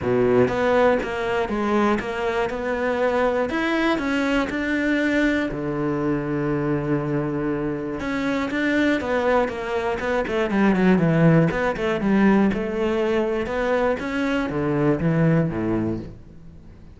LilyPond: \new Staff \with { instrumentName = "cello" } { \time 4/4 \tempo 4 = 120 b,4 b4 ais4 gis4 | ais4 b2 e'4 | cis'4 d'2 d4~ | d1 |
cis'4 d'4 b4 ais4 | b8 a8 g8 fis8 e4 b8 a8 | g4 a2 b4 | cis'4 d4 e4 a,4 | }